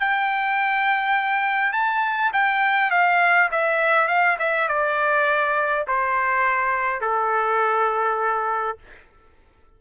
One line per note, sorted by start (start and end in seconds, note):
0.00 1.73 G5
1.73 2.32 A5
2.33 2.91 G5
2.91 3.50 F5
3.52 4.08 E5
4.08 4.37 F5
4.39 4.68 E5
4.68 5.86 D5
5.87 7.01 C5
7.01 8.78 A4